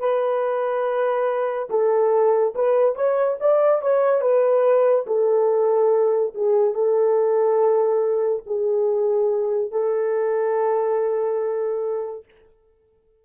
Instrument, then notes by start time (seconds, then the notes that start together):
horn
0.00 B4
1.70 A4
2.55 B4
2.96 C#5
3.41 D5
3.82 C#5
4.21 B4
5.07 A4
6.35 G#4
6.75 A4
8.47 G#4
9.72 A4